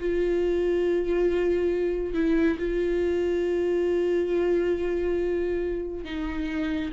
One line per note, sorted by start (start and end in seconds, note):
0.00 2.15 F4
2.15 2.58 E4
2.59 6.05 F4
6.05 6.92 D#4